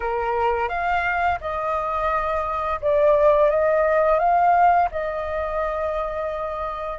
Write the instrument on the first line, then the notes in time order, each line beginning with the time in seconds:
flute
0.00 A#4
0.68 F5
1.40 D#5
2.81 D5
3.49 D#5
4.19 F5
4.91 D#5